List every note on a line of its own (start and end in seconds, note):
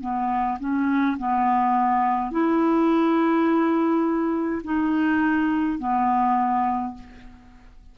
0.00 0.58 B3
0.59 1.17 C#4
1.17 2.31 B3
2.31 4.62 E4
4.64 5.78 D#4
5.78 6.94 B3